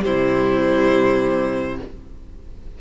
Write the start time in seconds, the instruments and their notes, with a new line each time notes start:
0.00 cello C3, viola G3, violin C5
0.06 violin E4